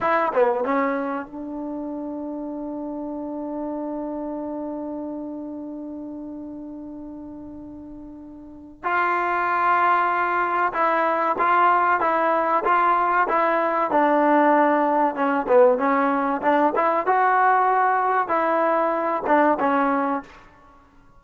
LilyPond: \new Staff \with { instrumentName = "trombone" } { \time 4/4 \tempo 4 = 95 e'8 b8 cis'4 d'2~ | d'1~ | d'1~ | d'2 f'2~ |
f'4 e'4 f'4 e'4 | f'4 e'4 d'2 | cis'8 b8 cis'4 d'8 e'8 fis'4~ | fis'4 e'4. d'8 cis'4 | }